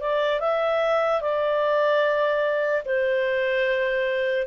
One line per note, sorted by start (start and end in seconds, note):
0.00 0.40 D5
0.40 1.21 E5
1.21 2.83 D5
2.86 4.47 C5